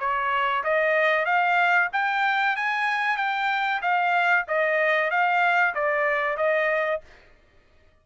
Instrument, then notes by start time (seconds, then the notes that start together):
trumpet
0.00 C#5
0.64 D#5
1.26 F5
1.93 G5
2.56 G#5
3.17 G5
3.82 F5
4.48 D#5
5.11 F5
5.75 D5
6.37 D#5